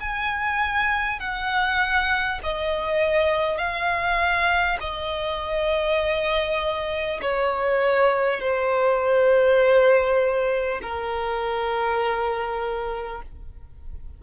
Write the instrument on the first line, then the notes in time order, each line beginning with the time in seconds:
violin
0.00 G#5
1.19 F#5
2.43 D#5
3.57 F5
4.80 D#5
7.21 C#5
8.40 C5
10.82 A#4